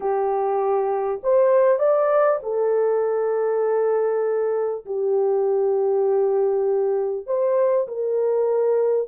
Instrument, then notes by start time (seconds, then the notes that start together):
horn
0.00 G4
1.23 C5
1.79 D5
2.42 A4
4.85 G4
7.26 C5
7.87 A#4